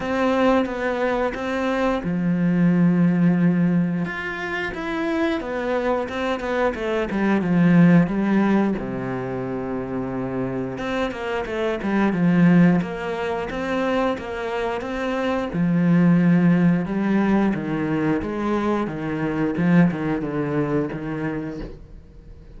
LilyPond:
\new Staff \with { instrumentName = "cello" } { \time 4/4 \tempo 4 = 89 c'4 b4 c'4 f4~ | f2 f'4 e'4 | b4 c'8 b8 a8 g8 f4 | g4 c2. |
c'8 ais8 a8 g8 f4 ais4 | c'4 ais4 c'4 f4~ | f4 g4 dis4 gis4 | dis4 f8 dis8 d4 dis4 | }